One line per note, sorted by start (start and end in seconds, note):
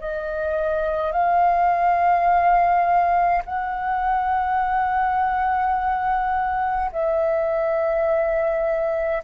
0.00 1.12 D#5
1.12 3.42 F5
3.45 6.91 F#5
6.92 9.23 E5